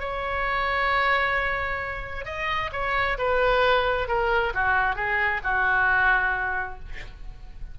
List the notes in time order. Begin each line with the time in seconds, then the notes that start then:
0.00 C#5
2.26 D#5
2.73 C#5
3.18 B4
4.08 A#4
4.54 F#4
4.96 G#4
5.44 F#4